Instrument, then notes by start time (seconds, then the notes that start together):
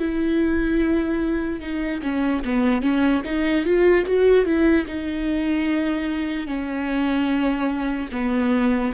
viola
0.00 E4
1.61 D#4
2.03 C#4
2.45 B3
2.82 C#4
3.25 D#4
3.65 F4
4.07 F#4
4.46 E4
4.87 D#4
6.48 C#4
8.12 B3